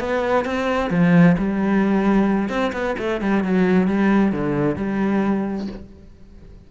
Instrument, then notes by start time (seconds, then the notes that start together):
cello
0.00 B3
0.45 C4
0.90 F3
1.38 G3
2.49 C4
2.73 B3
2.99 A3
3.21 G3
3.44 F#3
3.88 G3
4.32 D3
4.76 G3